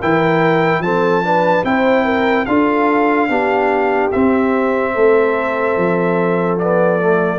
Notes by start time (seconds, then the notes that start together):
0.00 E3 E4 A#4 G5
0.80 F3 C4 A4 A5
1.23 D4 B4
1.65 C4 E4 C5 G5
2.05 A#4
2.46 D4 F4 A4 F5
3.29 B3 D4 G4
4.12 C4 E5
4.94 A3 A4
5.77 F3
6.59 B3 D5
7.00 A3